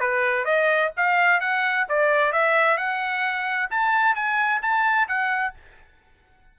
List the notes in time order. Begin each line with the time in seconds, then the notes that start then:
0.00 B4
0.45 D#5
0.97 F5
1.40 F#5
1.89 D5
2.32 E5
2.77 F#5
3.70 A5
4.15 G#5
4.62 A5
5.08 F#5